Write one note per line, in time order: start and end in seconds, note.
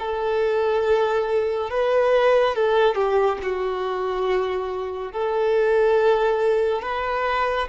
0.00 1.71 A4
1.71 2.56 B4
2.56 2.95 A4
2.95 3.38 G4
3.43 5.12 F#4
5.12 6.83 A4
6.83 7.68 B4